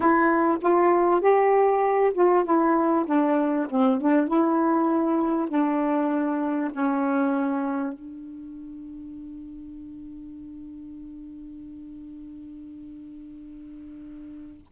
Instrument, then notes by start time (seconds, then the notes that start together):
saxophone
0.00 E4
0.61 F4
1.20 G4
2.14 F4
2.44 E4
3.06 D4
3.70 C4
4.00 D4
4.27 E4
5.48 D4
6.72 C#4
7.93 D4